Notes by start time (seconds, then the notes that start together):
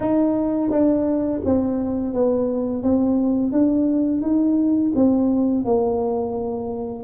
0.00 D#4
0.70 D4
1.44 C4
2.13 B3
2.82 C4
3.51 D4
4.21 D#4
4.95 C4
5.65 A#3